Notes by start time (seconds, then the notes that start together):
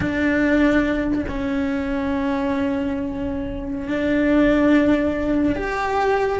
0.00 D4
1.28 C#4
3.88 D4
5.55 G4